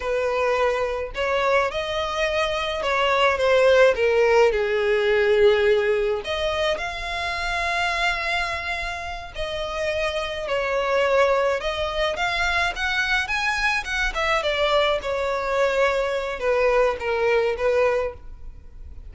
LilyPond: \new Staff \with { instrumentName = "violin" } { \time 4/4 \tempo 4 = 106 b'2 cis''4 dis''4~ | dis''4 cis''4 c''4 ais'4 | gis'2. dis''4 | f''1~ |
f''8 dis''2 cis''4.~ | cis''8 dis''4 f''4 fis''4 gis''8~ | gis''8 fis''8 e''8 d''4 cis''4.~ | cis''4 b'4 ais'4 b'4 | }